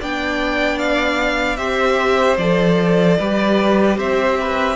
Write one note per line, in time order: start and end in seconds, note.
0.00 1.57 B3
0.00 1.57 D4
0.00 1.58 D5
0.00 0.79 G5
0.79 1.56 F5
1.56 2.37 C4
1.56 2.37 G4
1.56 3.18 C5
1.56 2.36 E5
2.38 3.18 F3
2.38 3.20 A4
2.38 3.98 D5
3.19 3.98 G3
3.19 4.76 G4
3.19 3.97 B4
3.97 4.76 C4
3.97 4.37 C5
3.97 4.76 E5
4.40 4.76 B4